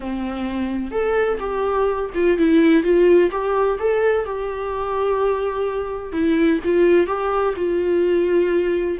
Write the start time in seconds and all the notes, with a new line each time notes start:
0.00 C4
0.91 A4
1.39 G4
2.14 F4
2.38 E4
2.83 F4
3.31 G4
3.79 A4
4.25 G4
6.12 E4
6.64 F4
7.06 G4
7.56 F4